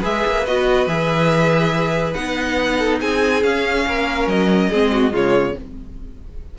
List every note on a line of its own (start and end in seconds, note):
0.00 0.25 G#3
0.00 0.44 G#4
0.00 2.77 B4
0.00 0.46 E5
0.26 0.47 A#3
0.46 0.87 B3
0.46 0.88 F#4
0.46 0.88 D#5
0.87 2.14 E3
0.87 2.16 G#4
0.87 2.14 E5
2.14 3.01 B3
2.14 3.43 D#4
2.14 2.99 F#5
2.78 3.00 A4
3.01 3.43 C4
3.01 3.86 G#4
3.01 3.43 G#5
3.43 3.86 C#4
3.43 4.72 C#4
3.43 4.28 F5
3.87 4.27 A#3
3.87 4.70 A#4
4.27 4.70 F#3
4.27 5.14 D#5
4.70 5.12 G#3
4.70 5.11 C4
4.70 4.91 G#4
4.92 5.13 F#4
5.11 5.55 C#3
5.11 5.54 G#3
5.11 5.55 F4
5.11 5.58 C#5